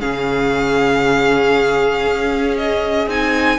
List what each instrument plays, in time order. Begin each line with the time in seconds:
0.00 cello C#3, viola C#4, violin G#4 F5
2.06 cello C#4
2.57 violin D#5
3.07 cello C4, viola D#4, violin G#5